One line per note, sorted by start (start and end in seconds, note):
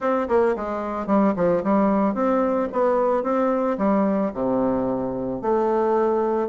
0.00 0.28 C4
0.28 0.55 A#3
0.56 1.06 G#3
1.06 1.33 G3
1.35 1.62 F3
1.63 2.14 G3
2.14 2.68 C4
2.72 3.23 B3
3.23 3.77 C4
3.78 4.32 G3
4.33 5.41 C3
5.41 6.48 A3